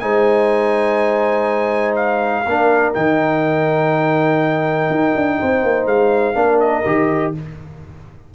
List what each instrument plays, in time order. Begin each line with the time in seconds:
0.00 tuba G#3, trombone D#4, horn C5, trumpet G#5
1.96 trumpet F5
2.46 tuba A#3, trombone D4, horn A#4
2.94 tuba D#3, trombone D#4, trumpet G5
4.90 tuba D#4
5.16 tuba D4
5.39 tuba C4, horn C5
5.63 tuba A#3
5.86 tuba G#3, trumpet F5
6.35 tuba A#3, trombone D4, horn A#4
6.60 trumpet D#5
6.86 tuba D#3, trombone G4